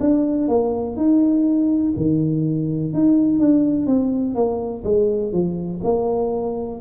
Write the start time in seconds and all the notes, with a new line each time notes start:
0.00 D4
0.48 A#3
0.96 D#4
1.96 D#3
2.93 D#4
3.39 D4
3.87 C4
4.35 A#3
4.84 G#3
5.32 F3
5.83 A#3